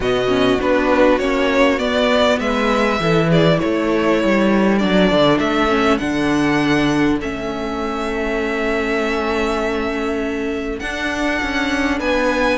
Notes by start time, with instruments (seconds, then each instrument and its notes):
0.00 cello B2, viola B3, violin F#4 D#5
0.28 viola C#4
0.60 cello B3, viola D4, violin B4
1.18 cello A#3, viola C#4, violin C#5
1.78 viola B3, cello B3, violin D5
2.39 cello G#3, violin B4 E5
2.99 cello E3, viola E4, violin A4
3.29 violin G#4 D5
3.59 cello A3, violin A4 C#5
4.23 cello G3
4.78 cello F#3, viola D4, violin D5
5.11 cello D3
5.39 cello A3, violin E5
5.68 viola C#4
5.98 cello D3, viola D4, violin F#5
7.20 cello A3, viola C#4, violin E5
10.79 cello D4, viola D4, violin F#5
11.42 cello C#4
11.99 cello B3, violin B4 G#5